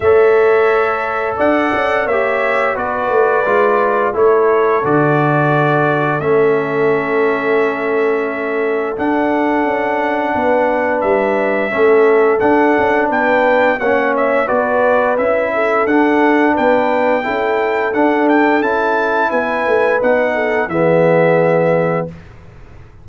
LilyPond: <<
  \new Staff \with { instrumentName = "trumpet" } { \time 4/4 \tempo 4 = 87 e''2 fis''4 e''4 | d''2 cis''4 d''4~ | d''4 e''2.~ | e''4 fis''2. |
e''2 fis''4 g''4 | fis''8 e''8 d''4 e''4 fis''4 | g''2 fis''8 g''8 a''4 | gis''4 fis''4 e''2 | }
  \new Staff \with { instrumentName = "horn" } { \time 4/4 cis''2 d''4 cis''4 | b'2 a'2~ | a'1~ | a'2. b'4~ |
b'4 a'2 b'4 | cis''4 b'4. a'4. | b'4 a'2. | b'4. a'8 gis'2 | }
  \new Staff \with { instrumentName = "trombone" } { \time 4/4 a'2. g'4 | fis'4 f'4 e'4 fis'4~ | fis'4 cis'2.~ | cis'4 d'2.~ |
d'4 cis'4 d'2 | cis'4 fis'4 e'4 d'4~ | d'4 e'4 d'4 e'4~ | e'4 dis'4 b2 | }
  \new Staff \with { instrumentName = "tuba" } { \time 4/4 a2 d'8 cis'8 ais4 | b8 a8 gis4 a4 d4~ | d4 a2.~ | a4 d'4 cis'4 b4 |
g4 a4 d'8 cis'8 b4 | ais4 b4 cis'4 d'4 | b4 cis'4 d'4 cis'4 | b8 a8 b4 e2 | }
>>